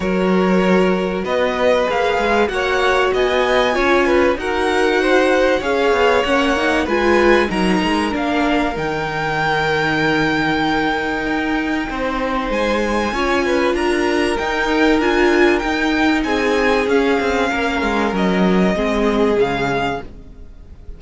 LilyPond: <<
  \new Staff \with { instrumentName = "violin" } { \time 4/4 \tempo 4 = 96 cis''2 dis''4 f''4 | fis''4 gis''2 fis''4~ | fis''4 f''4 fis''4 gis''4 | ais''4 f''4 g''2~ |
g''1 | gis''2 ais''4 g''4 | gis''4 g''4 gis''4 f''4~ | f''4 dis''2 f''4 | }
  \new Staff \with { instrumentName = "violin" } { \time 4/4 ais'2 b'2 | cis''4 dis''4 cis''8 b'8 ais'4 | c''4 cis''2 b'4 | ais'1~ |
ais'2. c''4~ | c''4 cis''8 b'8 ais'2~ | ais'2 gis'2 | ais'2 gis'2 | }
  \new Staff \with { instrumentName = "viola" } { \time 4/4 fis'2. gis'4 | fis'2 f'4 fis'4~ | fis'4 gis'4 cis'8 dis'8 f'4 | dis'4 d'4 dis'2~ |
dis'1~ | dis'4 f'2 dis'4 | f'4 dis'2 cis'4~ | cis'2 c'4 gis4 | }
  \new Staff \with { instrumentName = "cello" } { \time 4/4 fis2 b4 ais8 gis8 | ais4 b4 cis'4 dis'4~ | dis'4 cis'8 b8 ais4 gis4 | fis8 gis8 ais4 dis2~ |
dis2 dis'4 c'4 | gis4 cis'4 d'4 dis'4 | d'4 dis'4 c'4 cis'8 c'8 | ais8 gis8 fis4 gis4 cis4 | }
>>